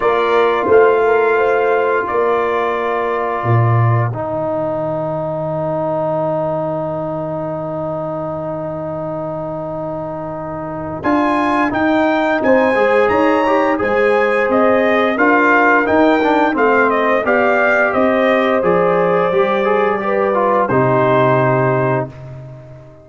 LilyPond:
<<
  \new Staff \with { instrumentName = "trumpet" } { \time 4/4 \tempo 4 = 87 d''4 f''2 d''4~ | d''2 g''2~ | g''1~ | g''1 |
gis''4 g''4 gis''4 ais''4 | gis''4 dis''4 f''4 g''4 | f''8 dis''8 f''4 dis''4 d''4~ | d''2 c''2 | }
  \new Staff \with { instrumentName = "horn" } { \time 4/4 ais'4 c''8 ais'8 c''4 ais'4~ | ais'1~ | ais'1~ | ais'1~ |
ais'2 c''4 cis''4 | c''2 ais'2 | c''4 d''4 c''2~ | c''4 b'4 g'2 | }
  \new Staff \with { instrumentName = "trombone" } { \time 4/4 f'1~ | f'2 dis'2~ | dis'1~ | dis'1 |
f'4 dis'4. gis'4 g'8 | gis'2 f'4 dis'8 d'8 | c'4 g'2 gis'4 | g'8 gis'8 g'8 f'8 dis'2 | }
  \new Staff \with { instrumentName = "tuba" } { \time 4/4 ais4 a2 ais4~ | ais4 ais,4 dis2~ | dis1~ | dis1 |
d'4 dis'4 c'8 gis8 dis'4 | gis4 c'4 d'4 dis'4 | a4 b4 c'4 f4 | g2 c2 | }
>>